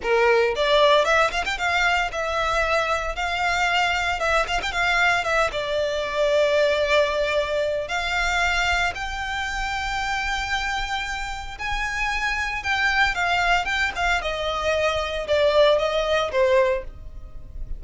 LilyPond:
\new Staff \with { instrumentName = "violin" } { \time 4/4 \tempo 4 = 114 ais'4 d''4 e''8 f''16 g''16 f''4 | e''2 f''2 | e''8 f''16 g''16 f''4 e''8 d''4.~ | d''2. f''4~ |
f''4 g''2.~ | g''2 gis''2 | g''4 f''4 g''8 f''8 dis''4~ | dis''4 d''4 dis''4 c''4 | }